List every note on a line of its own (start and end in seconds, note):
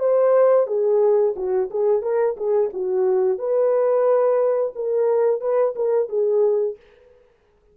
0.00 0.67 C5
0.67 1.35 G#4
1.36 1.70 F#4
1.70 2.02 G#4
2.02 2.36 A#4
2.37 2.71 G#4
2.73 3.39 F#4
3.39 4.73 B4
4.75 5.41 A#4
5.41 5.75 B4
5.76 6.09 A#4
6.09 6.77 G#4